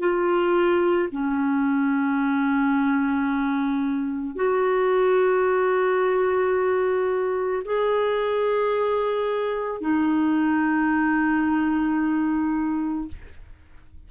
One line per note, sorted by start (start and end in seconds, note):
0.00 1.09 F4
1.12 4.36 C#4
4.36 7.63 F#4
7.65 9.81 G#4
9.81 13.08 D#4